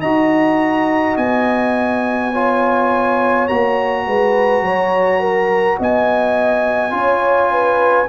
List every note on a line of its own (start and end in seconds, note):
0.00 1.17 D#4
0.00 2.34 F#4
0.00 2.31 D#5
0.00 1.16 A#5
1.17 3.48 B3
1.17 3.48 G#5
2.32 3.49 F4
2.32 4.05 C#5
3.48 4.06 A#3
3.48 6.91 F#4
3.48 5.79 A#5
4.06 4.62 G#3
4.06 4.64 B4
4.62 5.77 F#3
4.62 5.20 C#5
5.20 5.78 A#4
5.79 6.92 B3
5.79 6.94 D#5
5.79 8.09 G#5
6.91 8.08 C#4
6.91 8.06 F4
6.91 7.51 C#5
7.51 8.09 B4